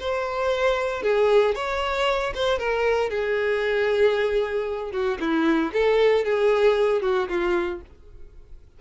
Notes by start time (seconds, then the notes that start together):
0.00 C5
1.03 G#4
1.55 C#5
2.35 C5
2.59 A#4
3.10 G#4
4.92 F#4
5.20 E4
5.73 A4
6.25 G#4
7.02 F#4
7.29 F4